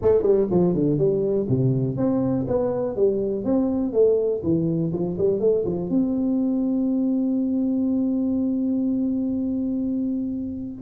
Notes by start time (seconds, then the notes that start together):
0.02 A3
0.22 G3
0.50 F3
0.74 D3
0.98 G3
1.48 C3
1.96 C4
2.47 B3
2.96 G3
3.44 C4
3.92 A3
4.43 E3
4.92 F3
5.18 G3
5.39 A3
5.65 F3
5.89 C4